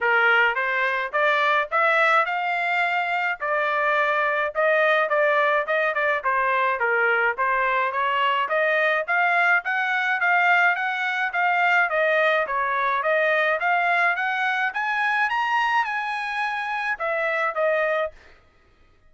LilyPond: \new Staff \with { instrumentName = "trumpet" } { \time 4/4 \tempo 4 = 106 ais'4 c''4 d''4 e''4 | f''2 d''2 | dis''4 d''4 dis''8 d''8 c''4 | ais'4 c''4 cis''4 dis''4 |
f''4 fis''4 f''4 fis''4 | f''4 dis''4 cis''4 dis''4 | f''4 fis''4 gis''4 ais''4 | gis''2 e''4 dis''4 | }